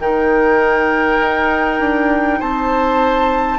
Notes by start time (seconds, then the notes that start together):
0.00 D#3 D#4 A#4 G5
1.20 D#4
1.80 D4
2.40 C4 C5 A5